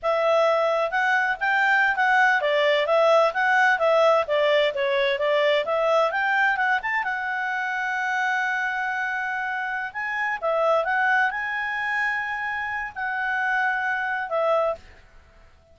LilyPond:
\new Staff \with { instrumentName = "clarinet" } { \time 4/4 \tempo 4 = 130 e''2 fis''4 g''4~ | g''16 fis''4 d''4 e''4 fis''8.~ | fis''16 e''4 d''4 cis''4 d''8.~ | d''16 e''4 g''4 fis''8 a''8 fis''8.~ |
fis''1~ | fis''4. gis''4 e''4 fis''8~ | fis''8 gis''2.~ gis''8 | fis''2. e''4 | }